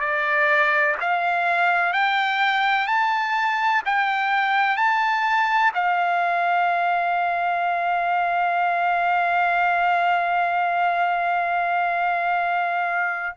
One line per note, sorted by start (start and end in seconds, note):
0.00 0.95 D5
1.00 1.93 F5
1.93 2.87 G5
2.87 3.82 A5
3.85 4.76 G5
4.76 5.71 A5
5.74 13.36 F5